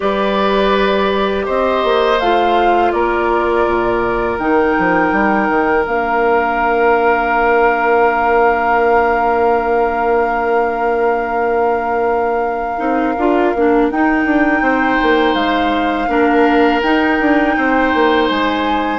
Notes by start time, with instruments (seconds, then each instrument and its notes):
0.00 bassoon G3, clarinet G4, oboe B4, flute D5
1.45 bassoon C4, oboe C5, flute D#5
1.84 bassoon A#3
2.19 bassoon A3, clarinet F4, flute F5
2.91 bassoon A#3, oboe A#4, flute D5
3.66 bassoon A#2
4.38 bassoon D#3, clarinet D#4, flute G5
4.78 bassoon F3
5.12 bassoon G3
5.49 bassoon D#3
5.84 bassoon A#3, clarinet D4, flute F5
12.77 bassoon C4, clarinet D#4
13.17 bassoon D4, clarinet F4
13.54 bassoon A#3, clarinet D4
13.90 bassoon D#4, clarinet D#4, flute G5
14.24 bassoon D4
14.61 bassoon C4, oboe C5
15.02 bassoon A#3
15.34 bassoon G#3, flute F5
16.07 bassoon A#3, clarinet D4, oboe A#4
16.82 bassoon D#4, clarinet D#4, flute G5
17.20 bassoon D4
17.57 bassoon C4, oboe C5
17.93 bassoon A#3
18.29 bassoon G#3, flute G#5